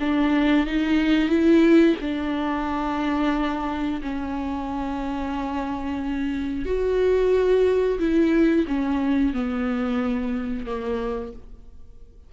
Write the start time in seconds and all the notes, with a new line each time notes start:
0.00 D4
0.67 D#4
1.29 E4
2.01 D4
4.02 C#4
6.65 F#4
7.99 E4
8.68 C#4
9.34 B3
10.66 A#3